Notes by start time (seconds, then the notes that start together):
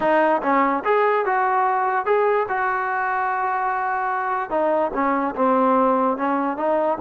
0.00 D#4
0.42 C#4
0.84 G#4
1.25 F#4
2.05 G#4
2.48 F#4
4.50 D#4
4.93 C#4
5.35 C4
6.17 C#4
6.56 D#4